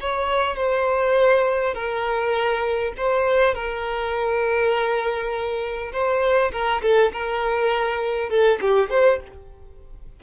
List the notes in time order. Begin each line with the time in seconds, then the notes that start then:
0.00 C#5
0.56 C5
1.74 A#4
2.97 C5
3.54 A#4
5.92 C5
6.52 A#4
6.82 A4
7.12 A#4
8.30 A4
8.61 G4
8.90 C5